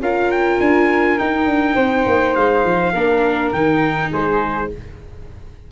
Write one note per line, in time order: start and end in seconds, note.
0.00 0.58 C#4
0.00 1.18 F4
0.00 1.75 A#4
0.00 0.31 F5
0.31 0.60 G5
0.60 1.18 D4
0.60 1.19 G#5
1.18 2.93 D#4
1.18 1.46 D#4
1.18 2.35 G5
1.46 1.75 D4
1.75 2.06 C4
1.75 2.92 C5
2.06 2.35 A#3
2.35 2.65 G#3
2.35 3.52 F5
2.65 2.94 F3
2.93 3.52 A#3
2.93 3.54 D4
2.93 4.09 A#4
3.53 4.11 D#3
3.53 4.71 D#4
3.53 4.11 G5
4.11 4.71 G#3
4.11 4.69 G#4
4.11 4.72 C5